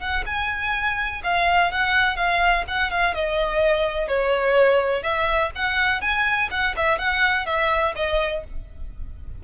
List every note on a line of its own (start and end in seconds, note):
0.00 0.24 F#5
0.26 1.22 G#5
1.24 1.72 F5
1.72 2.16 F#5
2.16 2.64 F5
2.68 2.91 F#5
2.91 3.15 F5
3.15 4.08 D#5
4.08 5.03 C#5
5.03 5.51 E5
5.55 6.02 F#5
6.02 6.50 G#5
6.51 6.75 F#5
6.77 6.99 E5
6.99 7.46 F#5
7.46 7.94 E5
7.96 8.44 D#5